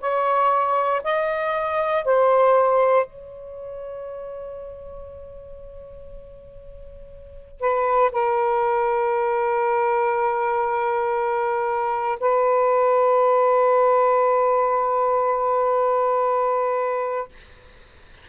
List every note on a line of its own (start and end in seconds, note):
0.00 1.02 C#5
1.04 2.04 D#5
2.04 3.06 C5
3.06 7.60 C#5
7.60 8.11 B4
8.12 12.18 A#4
12.19 17.28 B4